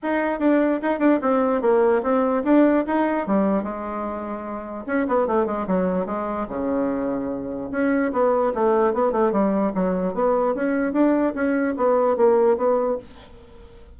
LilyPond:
\new Staff \with { instrumentName = "bassoon" } { \time 4/4 \tempo 4 = 148 dis'4 d'4 dis'8 d'8 c'4 | ais4 c'4 d'4 dis'4 | g4 gis2. | cis'8 b8 a8 gis8 fis4 gis4 |
cis2. cis'4 | b4 a4 b8 a8 g4 | fis4 b4 cis'4 d'4 | cis'4 b4 ais4 b4 | }